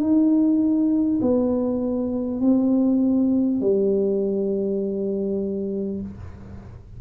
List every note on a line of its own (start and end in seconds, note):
0.00 1.20 D#4
1.22 2.41 B3
2.41 3.61 C4
3.61 6.01 G3